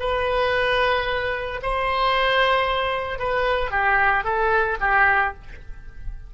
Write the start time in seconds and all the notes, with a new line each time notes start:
0.00 B4
1.63 C5
3.19 B4
3.71 G4
4.24 A4
4.81 G4